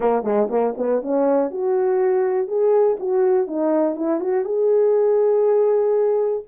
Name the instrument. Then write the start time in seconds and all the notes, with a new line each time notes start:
horn
0.00 A#3
0.23 G#3
0.50 A#3
0.77 B3
1.01 C#4
1.50 F#4
2.47 G#4
2.99 F#4
3.47 D#4
3.95 E4
4.20 F#4
4.44 G#4